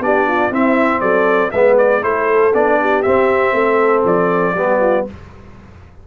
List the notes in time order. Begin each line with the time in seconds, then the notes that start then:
0.00 B3 D4 G4 D5
0.28 F4
0.51 C4 E4 E5
1.01 F#3 A4 D5
1.52 G#3 B3 B4 E5
1.78 D5
2.02 A3 E4 A4 C5
2.54 B3 D4 D5
2.81 G4
3.03 C4 E5
3.54 A3 A4
4.05 F3 D5
4.55 G3 B3 G4
4.81 F4